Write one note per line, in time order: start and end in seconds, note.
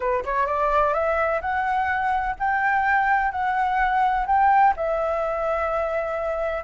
0.00 0.24 B4
0.24 0.46 C#5
0.46 0.93 D5
0.93 1.40 E5
1.41 2.35 F#5
2.39 3.31 G5
3.31 4.26 F#5
4.26 4.74 G5
4.76 6.64 E5